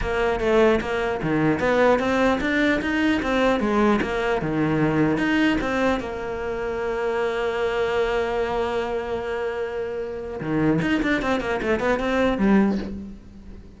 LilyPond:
\new Staff \with { instrumentName = "cello" } { \time 4/4 \tempo 4 = 150 ais4 a4 ais4 dis4 | b4 c'4 d'4 dis'4 | c'4 gis4 ais4 dis4~ | dis4 dis'4 c'4 ais4~ |
ais1~ | ais1~ | ais2 dis4 dis'8 d'8 | c'8 ais8 a8 b8 c'4 g4 | }